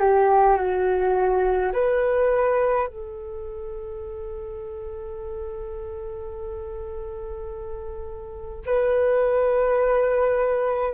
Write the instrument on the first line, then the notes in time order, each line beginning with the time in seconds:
flute
0.00 G4
0.57 F#4
1.73 B4
2.88 A4
8.66 B4